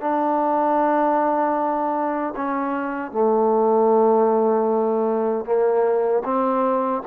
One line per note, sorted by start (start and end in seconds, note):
0.00 2.34 D4
2.36 3.11 C#4
3.11 5.45 A3
5.45 6.23 A#3
6.24 7.02 C4